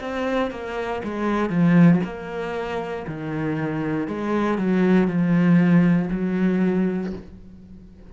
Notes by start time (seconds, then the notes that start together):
0.00 C4
0.51 A#3
1.04 G#3
1.49 F3
2.04 A#3
3.07 D#3
4.07 G#3
4.58 F#3
5.07 F3
6.11 F#3